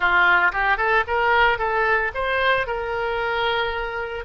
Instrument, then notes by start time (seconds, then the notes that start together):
oboe
0.00 F4
0.52 G4
0.77 A4
1.07 A#4
1.58 A4
2.14 C5
2.66 A#4